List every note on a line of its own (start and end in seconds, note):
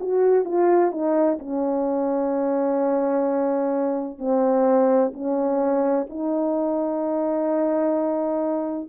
0.00 0.44 F#4
0.44 0.91 F4
0.91 1.38 D#4
1.39 4.18 C#4
4.18 5.12 C4
5.13 6.07 C#4
6.09 8.89 D#4